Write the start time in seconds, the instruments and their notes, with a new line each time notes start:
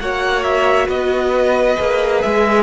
0.00 cello A#3, viola F#4, violin C#5 F#5
0.44 violin E5
0.87 cello B3, violin B4 D#5
1.78 cello A#3, viola G#4
2.22 cello G#3, violin E5